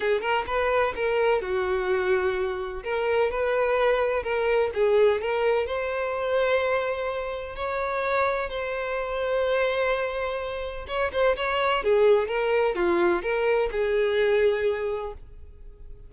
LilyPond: \new Staff \with { instrumentName = "violin" } { \time 4/4 \tempo 4 = 127 gis'8 ais'8 b'4 ais'4 fis'4~ | fis'2 ais'4 b'4~ | b'4 ais'4 gis'4 ais'4 | c''1 |
cis''2 c''2~ | c''2. cis''8 c''8 | cis''4 gis'4 ais'4 f'4 | ais'4 gis'2. | }